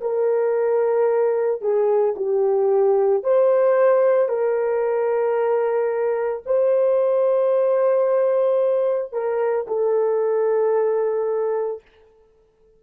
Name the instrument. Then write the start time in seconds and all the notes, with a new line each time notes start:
horn
0.00 A#4
1.61 G#4
2.16 G4
3.23 C5
4.28 A#4
6.45 C5
9.12 A#4
9.67 A4